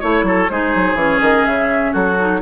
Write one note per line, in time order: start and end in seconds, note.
0.00 0.23 A3
0.00 0.48 E4
0.00 0.24 C#5
0.00 0.49 C#5
0.23 0.47 F#3
0.23 0.51 A4
0.49 0.74 G#3
0.49 0.96 D#4
0.49 1.92 G#4
0.49 0.96 C5
0.74 0.94 F#3
0.94 1.18 E3
0.94 2.16 C#4
0.94 1.20 C#5
1.21 1.45 D#3
1.21 1.45 D#5
1.45 1.94 C#3
1.45 1.93 E5
1.92 2.41 F#3
1.92 2.40 F#4
1.92 2.41 A4
2.19 2.41 D#4